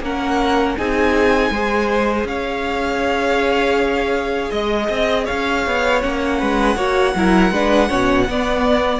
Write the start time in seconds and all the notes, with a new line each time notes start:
0.00 A#3 C#4 A#4 F#5
0.77 C4 D#4 G#4 G#5
1.50 G#3 G#4 C5
2.24 C#4 C#5 F5
4.50 G#3 D#5
4.89 C4
5.24 C#5 F5
5.30 C#4
5.66 B3
6.01 A#3 C#4 F#5
6.39 G#3 B4
6.76 A#3 F#4 C#5
7.15 F#3 E4 A#4
7.51 G#3 D4 B4
7.88 B2 C#4 C#5
8.28 B3 D5